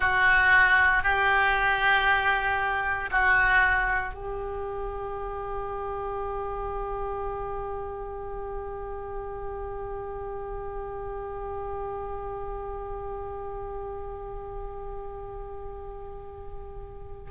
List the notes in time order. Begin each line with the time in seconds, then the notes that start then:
0.00 F#4
1.03 G4
3.11 F#4
4.14 G4